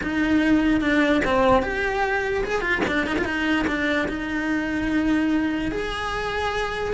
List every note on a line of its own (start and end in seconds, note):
0.03 0.81 D#4
0.81 1.21 D4
1.24 1.62 C4
1.62 2.44 G4
2.44 2.61 G#4
2.61 2.81 F4
2.87 3.06 D4
3.06 3.17 D#4
3.18 3.24 F4
3.24 3.65 D#4
3.67 4.07 D4
4.08 5.71 D#4
5.71 6.93 G#4